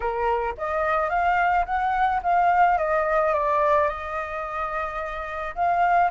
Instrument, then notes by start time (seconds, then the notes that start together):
flute
0.00 A#4
0.57 D#5
1.09 F5
1.65 F#5
2.22 F5
2.78 D#5
3.33 D5
3.88 D#5
5.55 F5